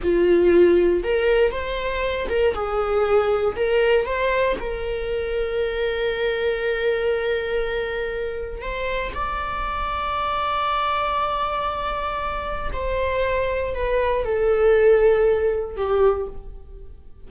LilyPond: \new Staff \with { instrumentName = "viola" } { \time 4/4 \tempo 4 = 118 f'2 ais'4 c''4~ | c''8 ais'8 gis'2 ais'4 | c''4 ais'2.~ | ais'1~ |
ais'4 c''4 d''2~ | d''1~ | d''4 c''2 b'4 | a'2. g'4 | }